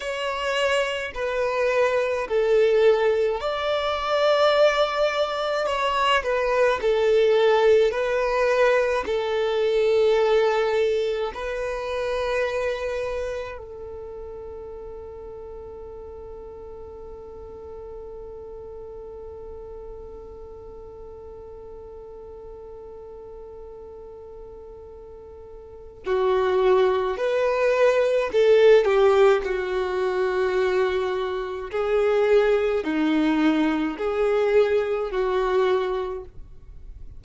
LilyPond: \new Staff \with { instrumentName = "violin" } { \time 4/4 \tempo 4 = 53 cis''4 b'4 a'4 d''4~ | d''4 cis''8 b'8 a'4 b'4 | a'2 b'2 | a'1~ |
a'1~ | a'2. fis'4 | b'4 a'8 g'8 fis'2 | gis'4 dis'4 gis'4 fis'4 | }